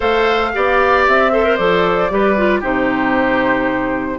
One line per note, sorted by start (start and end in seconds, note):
0.00 0.53 A3
0.00 0.51 A4
0.00 0.51 C5
0.00 1.05 F5
0.53 1.08 B3
0.53 1.32 G4
0.53 1.32 D5
1.07 1.58 C4
1.07 1.56 E5
1.32 1.44 A4
1.32 2.11 C5
1.44 1.57 A#4
1.56 2.10 F3
1.56 2.10 A4
1.56 2.61 D5
2.10 2.62 G3
2.10 2.36 G4
2.10 2.59 B4
2.36 2.62 F4
2.59 4.18 C3
2.59 4.18 D#4
2.59 4.17 G4
2.59 4.18 C5